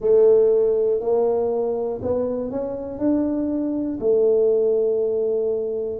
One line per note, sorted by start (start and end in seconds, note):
0.00 1.00 A3
1.00 2.00 A#3
2.02 2.50 B3
2.50 2.99 C#4
2.99 3.99 D4
4.00 5.99 A3